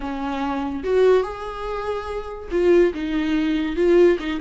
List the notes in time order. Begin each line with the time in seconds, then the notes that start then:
0.00 C#4
0.83 F#4
1.23 G#4
2.51 F4
2.94 D#4
3.76 F4
4.19 D#4